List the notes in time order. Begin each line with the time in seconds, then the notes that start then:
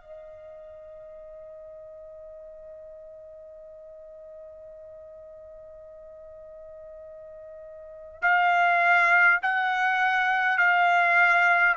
0.00 D#5
8.22 F5
9.42 F#5
10.58 F5